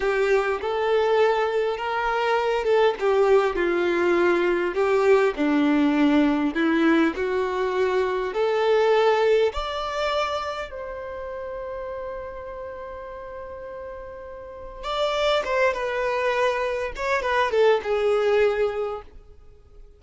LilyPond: \new Staff \with { instrumentName = "violin" } { \time 4/4 \tempo 4 = 101 g'4 a'2 ais'4~ | ais'8 a'8 g'4 f'2 | g'4 d'2 e'4 | fis'2 a'2 |
d''2 c''2~ | c''1~ | c''4 d''4 c''8 b'4.~ | b'8 cis''8 b'8 a'8 gis'2 | }